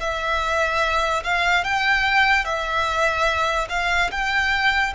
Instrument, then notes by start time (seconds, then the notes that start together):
violin
0.00 E5
1.23 F5
1.64 G5
2.44 E5
3.69 F5
4.11 G5